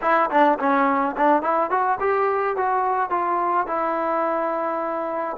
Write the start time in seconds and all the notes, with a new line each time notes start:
0.01 E4
0.30 D4
0.59 C#4
1.16 D4
1.42 E4
1.70 F#4
2.00 G4
2.56 F#4
3.10 F4
3.66 E4